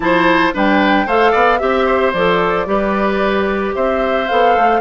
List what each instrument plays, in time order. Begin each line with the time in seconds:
0.00 bassoon F3, clarinet E4, oboe C5, flute A5
0.53 bassoon G3, clarinet D4, oboe B4, flute G5
1.06 bassoon A3, clarinet A4, oboe C5, flute F5
1.31 bassoon B3, oboe D5
1.58 bassoon C4, clarinet G4, flute E5, oboe E5
1.86 oboe C5
2.12 bassoon F3, clarinet A4, flute D5
2.66 bassoon G3, clarinet G4, oboe B4
3.75 bassoon C4, oboe C5, flute E5
4.27 bassoon B3, clarinet A4, flute F5
4.56 bassoon A3